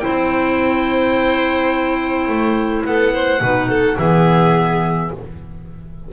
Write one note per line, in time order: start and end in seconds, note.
0.00 3.40 E4
0.00 2.86 C5
0.00 2.83 G5
0.07 2.28 C4
2.28 2.85 A3
2.85 3.41 B3
2.85 3.14 A4
2.85 3.99 F#5
3.14 3.42 C5
3.41 3.97 B2
3.41 3.98 D#4
3.41 3.70 B4
3.70 3.98 A4
3.98 5.11 E3
3.98 5.12 B3
3.98 5.13 G#4
3.98 5.12 E5